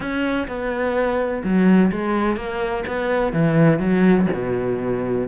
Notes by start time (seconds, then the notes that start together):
0.00 C#4
0.47 B3
1.43 F#3
1.91 G#3
2.36 A#3
2.87 B3
3.32 E3
3.79 F#3
4.33 B2